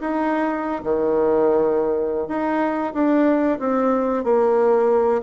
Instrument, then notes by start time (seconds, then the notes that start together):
bassoon
0.00 D#4
0.83 D#3
2.28 D#4
2.93 D4
3.59 C4
4.24 A#3